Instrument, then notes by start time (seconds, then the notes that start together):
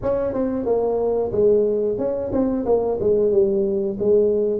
tuba
0.02 C#4
0.33 C4
0.65 A#3
1.32 G#3
1.98 C#4
2.32 C4
2.65 A#3
2.99 G#3
3.31 G3
3.99 G#3